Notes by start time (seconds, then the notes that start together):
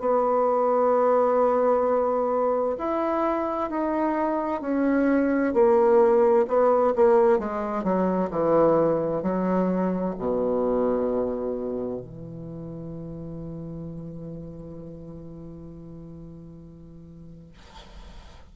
0.00 B3
2.79 E4
3.70 D#4
4.62 C#4
5.54 A#3
6.48 B3
6.96 A#3
7.39 G#3
7.84 F#3
8.31 E3
9.23 F#3
10.19 B2
12.00 E3